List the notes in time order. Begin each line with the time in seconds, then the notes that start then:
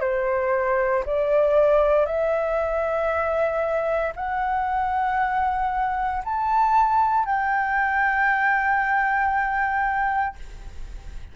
0.00 C5
1.05 D5
2.05 E5
4.16 F#5
6.24 A5
7.25 G5